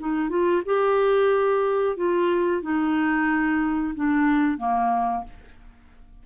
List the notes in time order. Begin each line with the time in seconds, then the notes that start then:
0.00 D#4
0.29 F4
0.66 G4
1.97 F4
2.63 D#4
3.95 D4
4.58 A#3